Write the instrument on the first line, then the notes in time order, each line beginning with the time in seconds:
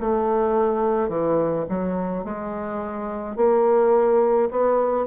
bassoon
0.00 A3
1.09 E3
1.69 F#3
2.24 G#3
3.36 A#3
4.50 B3